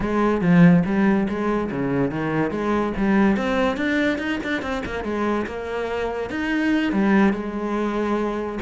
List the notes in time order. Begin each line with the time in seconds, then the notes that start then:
0.00 G#3
0.41 F3
0.85 G3
1.28 G#3
1.71 C#3
2.10 D#3
2.50 G#3
2.97 G3
3.36 C4
3.76 D4
4.18 D#4
4.43 D4
4.62 C4
4.85 A#3
5.03 G#3
5.46 A#3
6.30 D#4
6.92 G3
7.33 G#3